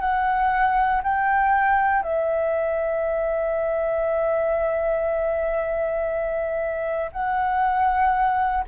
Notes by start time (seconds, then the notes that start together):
0.00 F#5
1.03 G5
2.02 E5
7.12 F#5